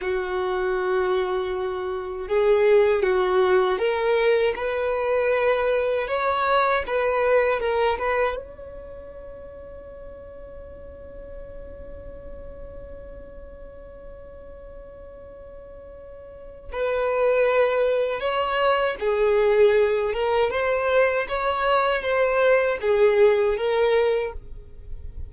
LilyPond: \new Staff \with { instrumentName = "violin" } { \time 4/4 \tempo 4 = 79 fis'2. gis'4 | fis'4 ais'4 b'2 | cis''4 b'4 ais'8 b'8 cis''4~ | cis''1~ |
cis''1~ | cis''2 b'2 | cis''4 gis'4. ais'8 c''4 | cis''4 c''4 gis'4 ais'4 | }